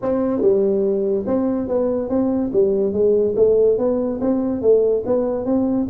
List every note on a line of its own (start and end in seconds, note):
0.02 0.41 C4
0.41 1.25 G3
1.26 1.68 C4
1.68 2.09 B3
2.09 2.51 C4
2.52 2.93 G3
2.93 3.35 G#3
3.36 3.78 A3
3.78 4.20 B3
4.21 4.61 C4
4.61 5.03 A3
5.06 5.45 B3
5.45 5.87 C4